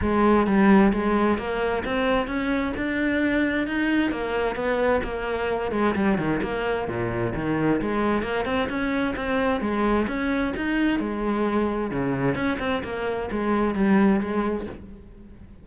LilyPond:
\new Staff \with { instrumentName = "cello" } { \time 4/4 \tempo 4 = 131 gis4 g4 gis4 ais4 | c'4 cis'4 d'2 | dis'4 ais4 b4 ais4~ | ais8 gis8 g8 dis8 ais4 ais,4 |
dis4 gis4 ais8 c'8 cis'4 | c'4 gis4 cis'4 dis'4 | gis2 cis4 cis'8 c'8 | ais4 gis4 g4 gis4 | }